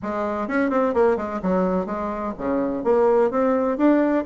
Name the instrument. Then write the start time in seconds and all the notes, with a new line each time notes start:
bassoon
0.02 G#3
0.47 C#4
0.70 C4
0.94 A#3
1.16 G#3
1.42 F#3
1.86 G#3
2.38 C#3
2.84 A#3
3.30 C4
3.77 D4